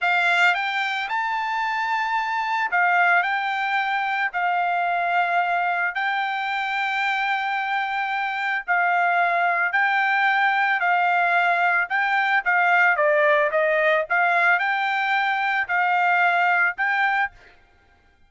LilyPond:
\new Staff \with { instrumentName = "trumpet" } { \time 4/4 \tempo 4 = 111 f''4 g''4 a''2~ | a''4 f''4 g''2 | f''2. g''4~ | g''1 |
f''2 g''2 | f''2 g''4 f''4 | d''4 dis''4 f''4 g''4~ | g''4 f''2 g''4 | }